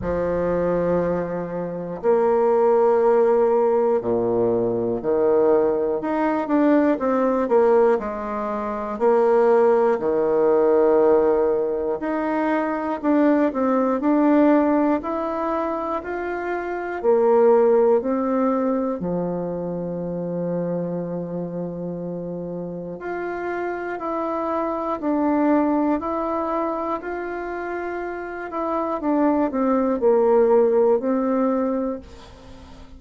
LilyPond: \new Staff \with { instrumentName = "bassoon" } { \time 4/4 \tempo 4 = 60 f2 ais2 | ais,4 dis4 dis'8 d'8 c'8 ais8 | gis4 ais4 dis2 | dis'4 d'8 c'8 d'4 e'4 |
f'4 ais4 c'4 f4~ | f2. f'4 | e'4 d'4 e'4 f'4~ | f'8 e'8 d'8 c'8 ais4 c'4 | }